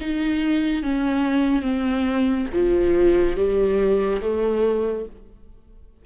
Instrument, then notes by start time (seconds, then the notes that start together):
viola
0.00 D#4
0.83 C#4
1.62 C4
2.53 F3
3.36 G3
4.21 A3